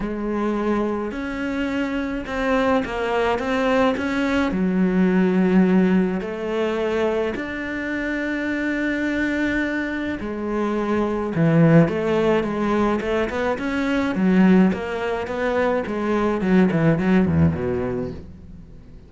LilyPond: \new Staff \with { instrumentName = "cello" } { \time 4/4 \tempo 4 = 106 gis2 cis'2 | c'4 ais4 c'4 cis'4 | fis2. a4~ | a4 d'2.~ |
d'2 gis2 | e4 a4 gis4 a8 b8 | cis'4 fis4 ais4 b4 | gis4 fis8 e8 fis8 e,8 b,4 | }